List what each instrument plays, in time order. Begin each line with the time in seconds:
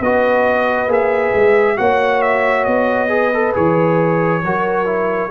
0.00 tuba B3, trombone F#4, horn B4, trumpet D#5
0.87 tuba A#3, trombone G#4, trumpet E5
1.34 tuba G#3
1.76 tuba A#3, trombone F#4, horn C#5, trumpet F#5
2.22 trumpet E5
2.64 tuba B3, trumpet D#5
3.08 trombone G#4, horn B4
3.33 trombone A4
3.53 tuba E3, trombone G#4, trumpet C#5
4.43 tuba F#3, trombone F#4, horn A#4
4.85 trombone E4